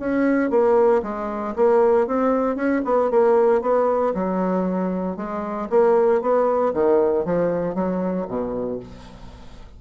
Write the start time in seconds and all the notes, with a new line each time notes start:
0.00 C#4
0.51 A#3
1.03 G#3
1.56 A#3
2.08 C4
2.56 C#4
2.85 B3
3.11 A#3
3.62 B3
4.15 F#3
5.17 G#3
5.70 A#3
6.22 B3
6.74 D#3
7.26 F3
7.75 F#3
8.28 B2